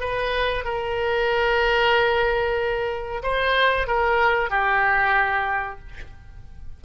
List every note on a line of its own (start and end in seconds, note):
0.00 0.64 B4
0.64 3.22 A#4
3.23 3.87 C5
3.87 4.50 A#4
4.50 5.79 G4